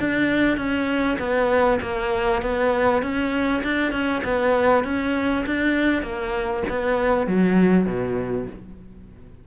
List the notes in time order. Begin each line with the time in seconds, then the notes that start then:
0.00 D4
0.58 C#4
1.19 B3
1.82 A#3
2.42 B3
3.03 C#4
3.64 D4
3.92 C#4
4.25 B3
4.85 C#4
5.47 D4
6.03 A#3
6.69 B3
7.27 F#3
7.87 B2